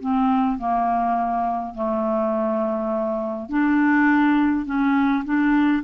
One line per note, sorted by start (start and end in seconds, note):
0.00 0.57 C4
0.57 1.74 A#3
1.74 3.49 A3
3.49 4.65 D4
4.65 5.23 C#4
5.25 5.83 D4